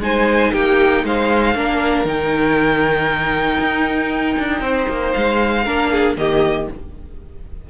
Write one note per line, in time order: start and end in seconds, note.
0.00 0.51 G#3
0.00 1.55 D#4
0.00 0.52 C5
0.00 0.53 G#5
0.52 1.04 A#3
0.52 1.03 G4
0.52 1.04 G5
1.04 1.54 G#3
1.04 1.56 C5
1.04 2.07 F5
1.54 2.04 A#3
1.54 2.06 D4
1.54 4.63 A#4
2.04 3.58 D#3
2.04 5.65 D#4
2.04 5.12 G5
3.59 4.36 D#4
4.38 4.60 D4
4.60 4.86 C4
4.60 5.63 C5
4.88 5.14 A#3
5.12 5.66 G#3
5.12 6.15 F5
5.63 6.16 A#3
5.63 6.17 D4
5.63 5.89 A#4
5.90 6.16 G#4
6.16 6.68 D#3
6.16 6.69 A#3
6.16 6.70 G4
6.16 6.69 D#5